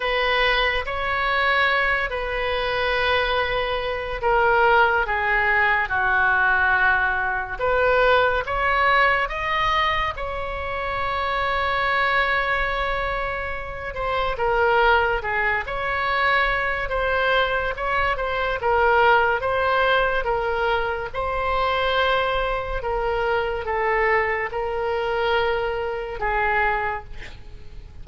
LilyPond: \new Staff \with { instrumentName = "oboe" } { \time 4/4 \tempo 4 = 71 b'4 cis''4. b'4.~ | b'4 ais'4 gis'4 fis'4~ | fis'4 b'4 cis''4 dis''4 | cis''1~ |
cis''8 c''8 ais'4 gis'8 cis''4. | c''4 cis''8 c''8 ais'4 c''4 | ais'4 c''2 ais'4 | a'4 ais'2 gis'4 | }